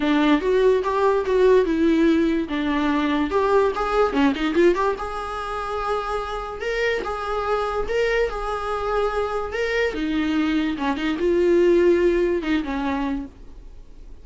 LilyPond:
\new Staff \with { instrumentName = "viola" } { \time 4/4 \tempo 4 = 145 d'4 fis'4 g'4 fis'4 | e'2 d'2 | g'4 gis'4 cis'8 dis'8 f'8 g'8 | gis'1 |
ais'4 gis'2 ais'4 | gis'2. ais'4 | dis'2 cis'8 dis'8 f'4~ | f'2 dis'8 cis'4. | }